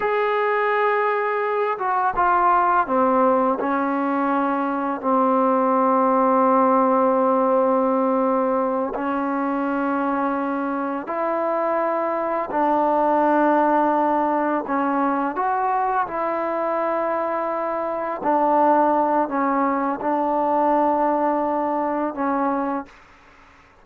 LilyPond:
\new Staff \with { instrumentName = "trombone" } { \time 4/4 \tempo 4 = 84 gis'2~ gis'8 fis'8 f'4 | c'4 cis'2 c'4~ | c'1~ | c'8 cis'2. e'8~ |
e'4. d'2~ d'8~ | d'8 cis'4 fis'4 e'4.~ | e'4. d'4. cis'4 | d'2. cis'4 | }